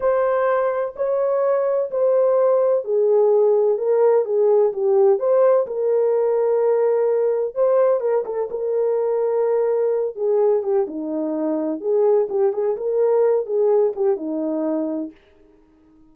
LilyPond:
\new Staff \with { instrumentName = "horn" } { \time 4/4 \tempo 4 = 127 c''2 cis''2 | c''2 gis'2 | ais'4 gis'4 g'4 c''4 | ais'1 |
c''4 ais'8 a'8 ais'2~ | ais'4. gis'4 g'8 dis'4~ | dis'4 gis'4 g'8 gis'8 ais'4~ | ais'8 gis'4 g'8 dis'2 | }